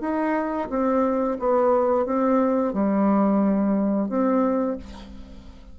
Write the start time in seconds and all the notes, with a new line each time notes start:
0.00 D#4
0.69 C4
1.39 B3
2.05 C4
2.73 G3
4.08 C4